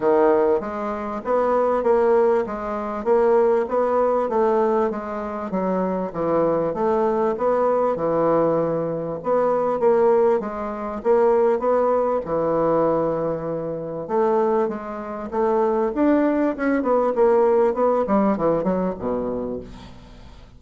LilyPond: \new Staff \with { instrumentName = "bassoon" } { \time 4/4 \tempo 4 = 98 dis4 gis4 b4 ais4 | gis4 ais4 b4 a4 | gis4 fis4 e4 a4 | b4 e2 b4 |
ais4 gis4 ais4 b4 | e2. a4 | gis4 a4 d'4 cis'8 b8 | ais4 b8 g8 e8 fis8 b,4 | }